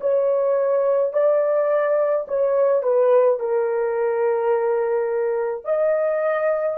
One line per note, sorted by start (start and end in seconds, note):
0.00 1.13 C#5
1.13 2.26 D5
2.27 2.83 C#5
2.83 3.39 B4
3.39 5.64 A#4
5.64 6.77 D#5